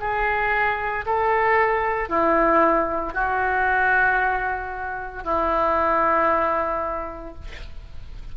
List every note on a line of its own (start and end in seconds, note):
0.00 1.05 G#4
1.06 2.09 A4
2.09 3.14 E4
3.14 5.24 F#4
5.24 7.34 E4